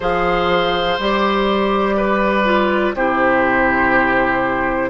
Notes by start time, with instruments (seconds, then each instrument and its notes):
0.00 bassoon F3, clarinet G#4, oboe C5, flute F5
0.98 bassoon G3, clarinet G4, flute D5
1.96 oboe B4
2.44 clarinet F4
2.93 bassoon C3, clarinet E4, oboe G4, flute C5